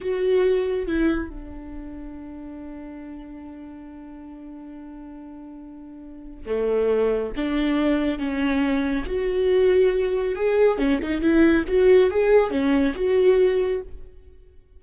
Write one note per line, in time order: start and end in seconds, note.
0.00 0.87 F#4
0.87 1.29 E4
1.29 6.46 D4
6.46 7.32 A3
7.36 8.18 D4
8.18 9.05 C#4
9.06 10.35 F#4
10.35 10.78 G#4
10.78 10.99 C#4
11.02 11.21 D#4
11.21 11.64 E4
11.67 12.10 F#4
12.10 12.50 G#4
12.50 12.93 C#4
12.95 13.81 F#4